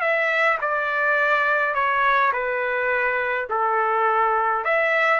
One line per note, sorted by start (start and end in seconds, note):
0.00 0.58 E5
0.61 1.74 D5
1.74 2.32 C#5
2.32 3.48 B4
3.49 4.64 A4
4.64 5.20 E5